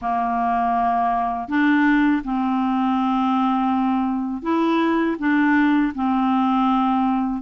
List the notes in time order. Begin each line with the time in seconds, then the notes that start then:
0.01 A#3
1.48 D4
2.24 C4
4.42 E4
5.19 D4
5.95 C4